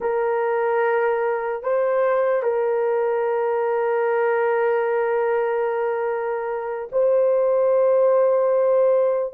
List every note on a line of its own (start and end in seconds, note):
0.00 1.63 A#4
1.63 2.43 C5
2.43 6.88 A#4
6.92 9.33 C5